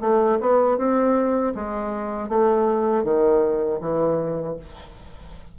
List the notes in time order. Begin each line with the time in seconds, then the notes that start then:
0.00 A3
0.40 B3
0.77 C4
1.54 G#3
2.29 A3
3.03 D#3
3.80 E3